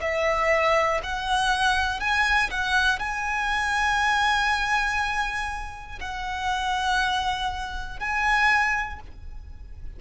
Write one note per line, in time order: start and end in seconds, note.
0.00 1.00 E5
1.03 2.00 F#5
2.00 2.50 G#5
2.50 2.99 F#5
2.99 5.99 G#5
6.00 8.00 F#5
8.00 9.00 G#5